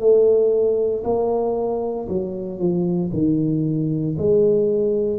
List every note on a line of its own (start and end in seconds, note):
0.00 1.03 A3
1.04 2.08 A#3
2.09 2.59 F#3
2.59 3.11 F3
3.13 4.17 D#3
4.18 5.20 G#3